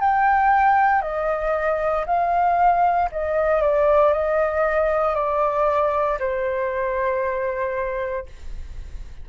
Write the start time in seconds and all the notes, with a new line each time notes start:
0.00 G5
1.02 D#5
2.06 F5
3.12 D#5
3.62 D5
4.13 D#5
5.15 D5
6.20 C5